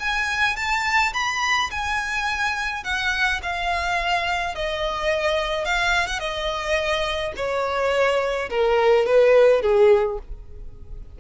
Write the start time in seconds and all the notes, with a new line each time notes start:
0.00 G#5
0.56 A5
1.14 B5
1.71 G#5
2.84 F#5
3.43 F5
4.55 D#5
5.65 F5
6.07 F#5
6.20 D#5
7.36 C#5
8.50 A#4
9.06 B4
9.62 G#4